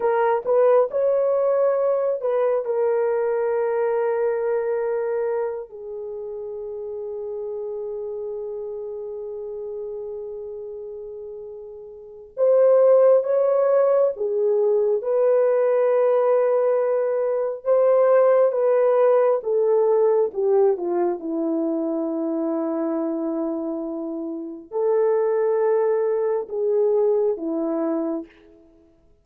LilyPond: \new Staff \with { instrumentName = "horn" } { \time 4/4 \tempo 4 = 68 ais'8 b'8 cis''4. b'8 ais'4~ | ais'2~ ais'8 gis'4.~ | gis'1~ | gis'2 c''4 cis''4 |
gis'4 b'2. | c''4 b'4 a'4 g'8 f'8 | e'1 | a'2 gis'4 e'4 | }